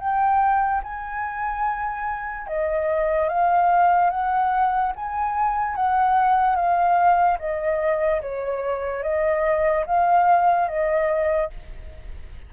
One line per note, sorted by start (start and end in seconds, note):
0.00 0.82 G5
0.84 2.48 G#5
2.48 3.30 D#5
3.30 4.11 F5
4.11 4.93 F#5
4.96 5.76 G#5
5.76 6.56 F#5
6.56 7.38 F5
7.39 8.22 D#5
8.22 9.03 C#5
9.03 9.86 D#5
9.87 10.68 F5
10.68 11.51 D#5